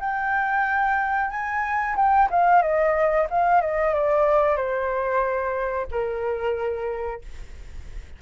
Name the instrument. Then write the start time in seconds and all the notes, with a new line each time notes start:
flute
0.00 G5
1.30 G#5
1.96 G5
2.30 F5
2.62 D#5
3.30 F5
3.61 D#5
3.94 D5
4.56 C5
5.91 A#4